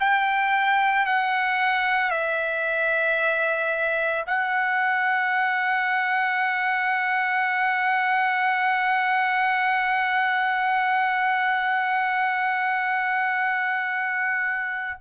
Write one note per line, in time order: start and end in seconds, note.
0.00 1.06 G5
1.06 2.11 F#5
2.11 4.25 E5
4.27 14.99 F#5